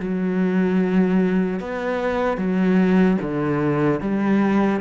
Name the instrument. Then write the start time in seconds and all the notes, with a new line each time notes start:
cello
0.00 F#3
1.60 B3
2.37 F#3
3.21 D3
4.01 G3